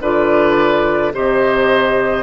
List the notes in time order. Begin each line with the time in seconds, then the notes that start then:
0.00 D3 F4 B4 D5
1.12 C3 G4 C5 D#5